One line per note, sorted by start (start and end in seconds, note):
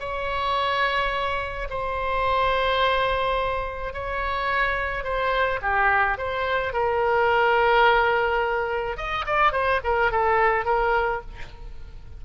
0.00 1.68 C#5
1.70 3.93 C5
3.93 5.04 C#5
5.04 5.60 C5
5.62 6.18 G4
6.18 6.73 C5
6.73 8.97 A#4
8.97 9.25 D#5
9.26 9.52 D5
9.52 9.80 C5
9.84 10.11 A#4
10.11 10.65 A4
10.65 11.21 A#4